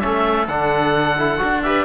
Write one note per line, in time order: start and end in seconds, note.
0.00 0.48 A3
0.00 0.47 C#4
0.00 1.62 A4
0.00 0.46 E5
0.48 1.40 D3
0.48 1.18 D4
0.48 1.62 F#5
1.18 1.38 E4
1.38 1.85 D4
1.38 1.61 F#4
1.62 1.85 G4
1.62 1.85 B4
1.62 1.85 E5